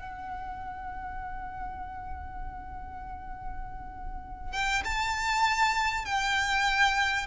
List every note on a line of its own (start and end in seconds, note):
0.00 4.53 F#5
4.53 4.83 G5
4.85 6.06 A5
6.06 7.27 G5